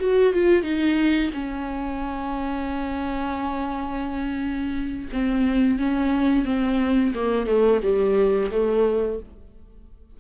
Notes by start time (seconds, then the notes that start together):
0.00 F#4
0.33 F4
0.63 D#4
1.34 C#4
5.13 C4
5.79 C#4
6.45 C4
7.15 A#3
7.47 A3
7.83 G3
8.51 A3